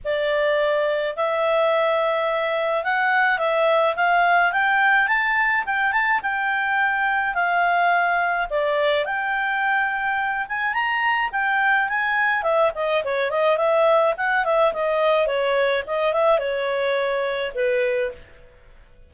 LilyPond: \new Staff \with { instrumentName = "clarinet" } { \time 4/4 \tempo 4 = 106 d''2 e''2~ | e''4 fis''4 e''4 f''4 | g''4 a''4 g''8 a''8 g''4~ | g''4 f''2 d''4 |
g''2~ g''8 gis''8 ais''4 | g''4 gis''4 e''8 dis''8 cis''8 dis''8 | e''4 fis''8 e''8 dis''4 cis''4 | dis''8 e''8 cis''2 b'4 | }